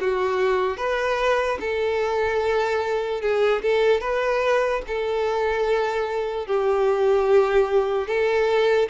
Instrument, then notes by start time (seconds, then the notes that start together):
violin
0.00 F#4
0.77 B4
1.60 A4
3.21 G#4
3.62 A4
4.01 B4
4.87 A4
6.47 G4
8.07 A4